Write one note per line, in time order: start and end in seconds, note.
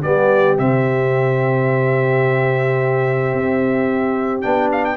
0.00 0.57 G3
0.00 0.57 B3
0.00 4.95 G4
0.00 0.57 D5
0.57 3.33 C3
0.57 4.42 C4
0.57 4.41 E5
3.33 4.43 C4
4.41 4.96 B3
4.41 4.96 D4
4.41 4.69 G5
4.72 4.84 F5
4.84 4.96 G5